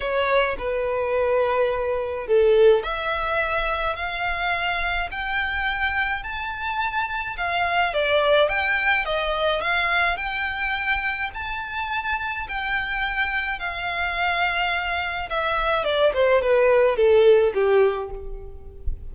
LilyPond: \new Staff \with { instrumentName = "violin" } { \time 4/4 \tempo 4 = 106 cis''4 b'2. | a'4 e''2 f''4~ | f''4 g''2 a''4~ | a''4 f''4 d''4 g''4 |
dis''4 f''4 g''2 | a''2 g''2 | f''2. e''4 | d''8 c''8 b'4 a'4 g'4 | }